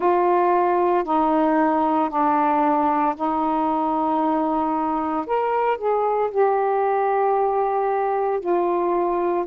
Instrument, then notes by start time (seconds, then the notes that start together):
saxophone
0.00 F4
1.03 D#4
2.09 D4
3.15 D#4
5.26 A#4
5.77 G#4
6.31 G4
8.39 F4